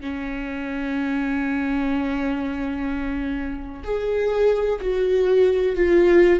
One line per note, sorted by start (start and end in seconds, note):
0.00 3.83 C#4
3.84 4.80 G#4
4.81 5.76 F#4
5.76 6.39 F4